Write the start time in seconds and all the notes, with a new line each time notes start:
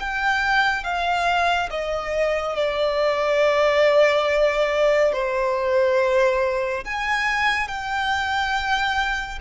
0.00 G5
0.84 F5
1.70 D#5
2.56 D5
5.13 C5
6.85 G#5
7.68 G5